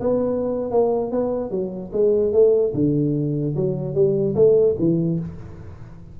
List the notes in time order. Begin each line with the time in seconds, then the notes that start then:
0.00 B3
0.70 A#3
1.11 B3
1.50 F#3
1.92 G#3
2.32 A3
2.74 D3
3.55 F#3
3.94 G3
4.35 A3
4.79 E3